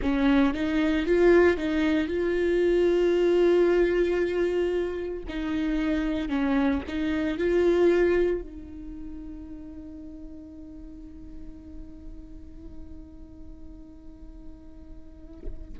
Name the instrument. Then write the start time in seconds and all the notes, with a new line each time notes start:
viola
0.02 C#4
0.54 D#4
1.05 F4
1.57 D#4
2.07 F4
5.28 D#4
6.28 C#4
6.87 D#4
7.37 F4
8.41 D#4